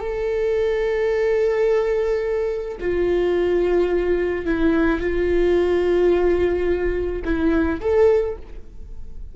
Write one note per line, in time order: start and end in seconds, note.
0.00 2.78 A4
2.80 4.45 F4
4.45 5.00 E4
5.00 7.22 F4
7.25 7.80 E4
7.81 8.36 A4